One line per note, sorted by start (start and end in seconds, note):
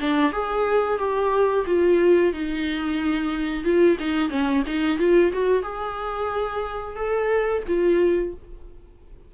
0.00 0.32 D4
0.32 0.98 G#4
0.98 1.65 G4
1.66 2.32 F4
2.32 3.64 D#4
3.64 3.97 F4
3.99 4.29 D#4
4.29 4.63 C#4
4.66 4.98 D#4
4.98 5.32 F4
5.32 5.62 F#4
5.62 6.96 G#4
6.96 7.62 A4
7.67 8.34 F4